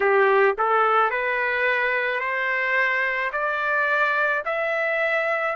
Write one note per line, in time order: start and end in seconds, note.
0.00 0.55 G4
0.58 1.10 A4
1.10 2.20 B4
2.20 3.31 C5
3.32 4.43 D5
4.45 5.56 E5